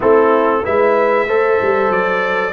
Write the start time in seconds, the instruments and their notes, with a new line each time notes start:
0.00 tuba A3, trombone C4, horn E4, trumpet A4
0.63 tuba G#3, trombone E4, horn B4, trumpet E5
1.26 tuba A3, trombone A4, horn C5
1.61 tuba G3
1.90 tuba F#3, trumpet D5